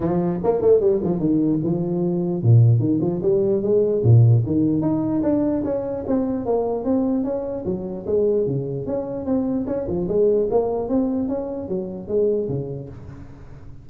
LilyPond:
\new Staff \with { instrumentName = "tuba" } { \time 4/4 \tempo 4 = 149 f4 ais8 a8 g8 f8 dis4 | f2 ais,4 dis8 f8 | g4 gis4 ais,4 dis4 | dis'4 d'4 cis'4 c'4 |
ais4 c'4 cis'4 fis4 | gis4 cis4 cis'4 c'4 | cis'8 f8 gis4 ais4 c'4 | cis'4 fis4 gis4 cis4 | }